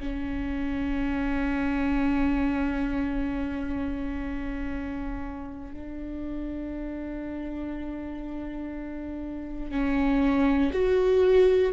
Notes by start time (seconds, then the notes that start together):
0.00 C#4
5.73 D4
9.71 C#4
10.72 F#4